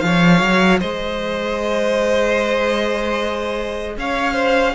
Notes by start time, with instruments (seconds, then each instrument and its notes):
0.00 cello F3, viola G#4, violin C#5 F5
0.41 cello F#3
0.80 cello G#3, violin C5 D#5
3.97 cello C#4, violin C#5 F5
4.33 violin C5